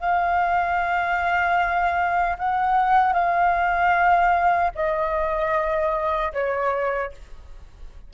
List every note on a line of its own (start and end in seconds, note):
0.00 2.37 F5
2.38 3.13 F#5
3.13 4.71 F5
4.75 6.33 D#5
6.33 7.12 C#5